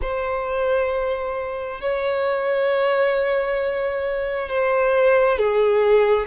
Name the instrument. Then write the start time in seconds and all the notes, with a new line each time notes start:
violin
0.01 C5
1.80 C#5
4.48 C5
5.38 G#4